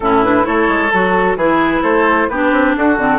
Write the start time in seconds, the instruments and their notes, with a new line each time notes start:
0.00 bassoon A2, clarinet C#4, oboe E4, flute A4
0.23 clarinet D4, flute B4
0.42 bassoon A3, clarinet E4, oboe A4, flute C#5
0.68 bassoon G#3
0.90 bassoon F#3, clarinet F#4, flute A4
1.36 bassoon E3, clarinet E4, oboe G#4, flute B4
1.81 bassoon A3, oboe A4, flute C5
2.28 bassoon B3, clarinet D4, oboe G4, flute B4
2.52 bassoon C4
2.76 bassoon D4, oboe F#4, flute A4
2.97 bassoon D3, clarinet C4